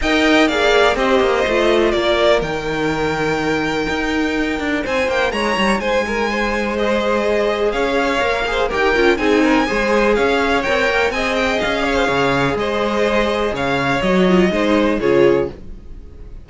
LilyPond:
<<
  \new Staff \with { instrumentName = "violin" } { \time 4/4 \tempo 4 = 124 g''4 f''4 dis''2 | d''4 g''2.~ | g''2 gis''8 g''8 ais''4 | gis''2 dis''2 |
f''2 g''4 gis''4~ | gis''4 f''4 g''4 gis''8 g''8 | f''2 dis''2 | f''4 dis''2 cis''4 | }
  \new Staff \with { instrumentName = "violin" } { \time 4/4 dis''4 d''4 c''2 | ais'1~ | ais'2 c''4 cis''4 | c''8 ais'8 c''2. |
cis''4. c''8 ais'4 gis'8 ais'8 | c''4 cis''2 dis''4~ | dis''8 cis''16 c''16 cis''4 c''2 | cis''2 c''4 gis'4 | }
  \new Staff \with { instrumentName = "viola" } { \time 4/4 ais'4 gis'4 g'4 f'4~ | f'4 dis'2.~ | dis'1~ | dis'2 gis'2~ |
gis'4 ais'8 gis'8 g'8 f'8 dis'4 | gis'2 ais'4 gis'4~ | gis'1~ | gis'4 fis'8 f'8 dis'4 f'4 | }
  \new Staff \with { instrumentName = "cello" } { \time 4/4 dis'4 ais4 c'8 ais8 a4 | ais4 dis2. | dis'4. d'8 c'8 ais8 gis8 g8 | gis1 |
cis'4 ais4 dis'8 cis'8 c'4 | gis4 cis'4 c'8 ais8 c'4 | cis'4 cis4 gis2 | cis4 fis4 gis4 cis4 | }
>>